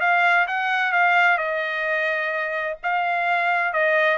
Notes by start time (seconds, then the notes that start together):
0.00 F5
0.47 F#5
0.92 F5
1.38 D#5
2.83 F5
3.73 D#5